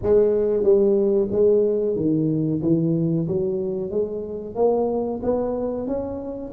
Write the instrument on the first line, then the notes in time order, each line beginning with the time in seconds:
tuba
0.02 G#3
0.63 G3
1.31 G#3
1.96 D#3
2.61 E3
3.27 F#3
3.90 G#3
4.55 A#3
5.22 B3
5.87 C#4